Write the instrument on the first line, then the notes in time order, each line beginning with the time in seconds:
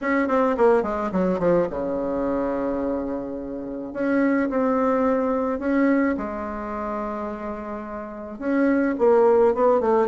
bassoon
0.01 C#4
0.28 C4
0.57 A#3
0.82 G#3
1.12 F#3
1.39 F3
1.69 C#3
3.93 C#4
4.49 C4
5.59 C#4
6.17 G#3
8.39 C#4
8.98 A#3
9.54 B3
9.80 A3